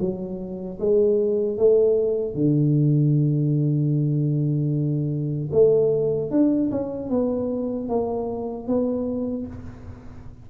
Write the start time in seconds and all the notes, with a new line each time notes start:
0.00 F#3
0.80 G#3
1.58 A3
2.34 D3
5.52 A3
6.31 D4
6.71 C#4
7.10 B3
7.89 A#3
8.68 B3